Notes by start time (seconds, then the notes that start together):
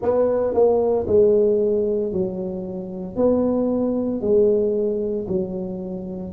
0.01 B3
0.54 A#3
1.07 G#3
2.12 F#3
3.16 B3
4.21 G#3
5.28 F#3